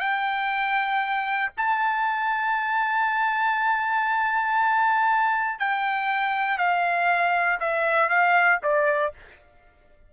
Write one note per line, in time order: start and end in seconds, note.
0.00 1.51 G5
1.57 5.59 A5
5.59 6.58 G5
6.58 7.59 F5
7.60 8.09 E5
8.09 8.60 F5
8.63 9.13 D5